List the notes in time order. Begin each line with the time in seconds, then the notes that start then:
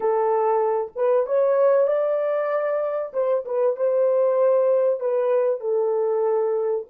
0.00 A4
0.95 B4
1.26 C#5
1.87 D5
3.13 C5
3.45 B4
3.76 C5
5.00 B4
5.60 A4